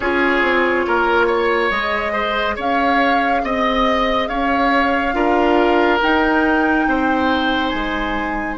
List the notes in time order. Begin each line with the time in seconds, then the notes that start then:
0.00 C#4 F4 G#4 C#5
0.42 C4
0.87 A#3 A#4
1.26 C#5
1.70 G#3 G#4 D#5
2.12 C5
2.56 C#4 C#5 F5
3.43 C4 D#5
4.27 C#4 C#5 F5
5.12 D4 F4 A#4
6.01 D#4 G5
6.87 C4 C5
7.69 G#3 G#5